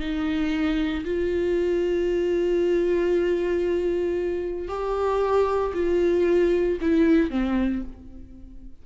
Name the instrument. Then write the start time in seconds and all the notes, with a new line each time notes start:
viola
0.00 D#4
1.05 F4
4.68 G4
5.74 F4
6.81 E4
7.30 C4